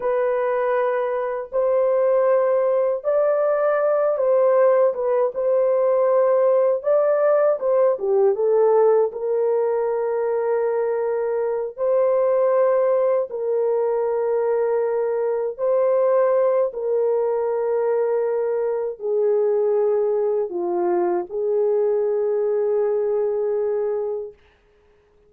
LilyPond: \new Staff \with { instrumentName = "horn" } { \time 4/4 \tempo 4 = 79 b'2 c''2 | d''4. c''4 b'8 c''4~ | c''4 d''4 c''8 g'8 a'4 | ais'2.~ ais'8 c''8~ |
c''4. ais'2~ ais'8~ | ais'8 c''4. ais'2~ | ais'4 gis'2 f'4 | gis'1 | }